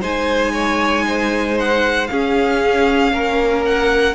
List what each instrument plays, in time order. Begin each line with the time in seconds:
0.00 cello G#3, viola D#4, violin C5 G#5
0.53 violin C#5
1.06 violin C5
1.59 violin F#5
2.07 viola C#4, cello C#4, violin G#4 F5
3.12 cello A#3, violin A#4
3.65 violin F#5